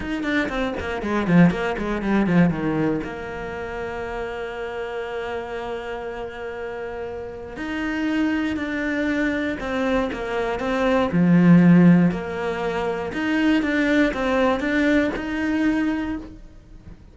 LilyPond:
\new Staff \with { instrumentName = "cello" } { \time 4/4 \tempo 4 = 119 dis'8 d'8 c'8 ais8 gis8 f8 ais8 gis8 | g8 f8 dis4 ais2~ | ais1~ | ais2. dis'4~ |
dis'4 d'2 c'4 | ais4 c'4 f2 | ais2 dis'4 d'4 | c'4 d'4 dis'2 | }